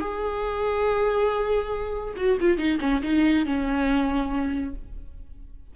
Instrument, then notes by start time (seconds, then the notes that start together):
viola
0.00 G#4
2.16 F#4
2.40 F4
2.57 D#4
2.80 C#4
3.03 D#4
3.46 C#4